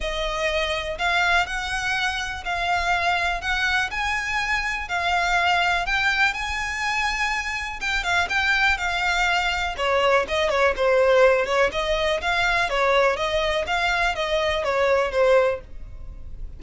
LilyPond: \new Staff \with { instrumentName = "violin" } { \time 4/4 \tempo 4 = 123 dis''2 f''4 fis''4~ | fis''4 f''2 fis''4 | gis''2 f''2 | g''4 gis''2. |
g''8 f''8 g''4 f''2 | cis''4 dis''8 cis''8 c''4. cis''8 | dis''4 f''4 cis''4 dis''4 | f''4 dis''4 cis''4 c''4 | }